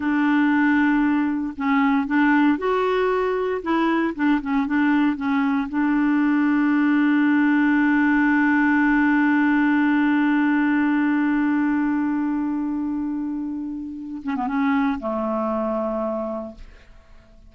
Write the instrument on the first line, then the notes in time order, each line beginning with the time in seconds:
clarinet
0.00 D4
1.57 C#4
2.06 D4
2.58 F#4
3.62 E4
4.15 D4
4.41 C#4
4.66 D4
5.16 C#4
5.68 D4
14.23 C#4
14.35 B3
14.47 C#4
14.99 A3